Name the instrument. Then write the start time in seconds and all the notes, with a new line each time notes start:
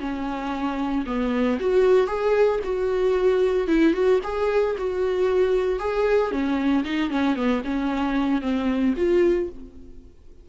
viola
0.00 C#4
1.06 B3
1.60 F#4
2.07 G#4
2.64 F#4
3.67 E4
3.94 F#4
4.24 G#4
4.78 F#4
5.80 G#4
6.32 C#4
6.84 D#4
7.10 C#4
7.36 B3
7.65 C#4
8.42 C4
8.97 F4